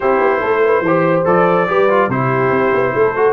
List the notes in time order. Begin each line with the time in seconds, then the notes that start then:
0.00 C4 E4 G4 C5
0.20 B3
0.40 A3 A4
0.64 B4
0.80 E3 C5
0.87 G4
1.25 F3 A4 D5
1.68 G3 G4 B4
1.89 F4
2.08 C3 E4 G4 C5
2.50 C4
2.73 B3
2.92 A3 A4
3.15 F#4